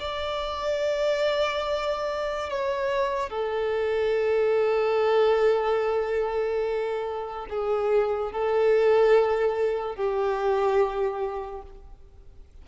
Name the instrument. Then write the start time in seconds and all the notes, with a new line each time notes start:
violin
0.00 D5
2.50 C#5
3.30 A4
7.50 G#4
8.32 A4
9.95 G4